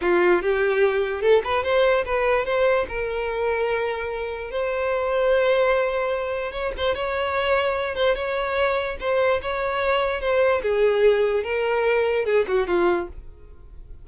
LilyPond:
\new Staff \with { instrumentName = "violin" } { \time 4/4 \tempo 4 = 147 f'4 g'2 a'8 b'8 | c''4 b'4 c''4 ais'4~ | ais'2. c''4~ | c''1 |
cis''8 c''8 cis''2~ cis''8 c''8 | cis''2 c''4 cis''4~ | cis''4 c''4 gis'2 | ais'2 gis'8 fis'8 f'4 | }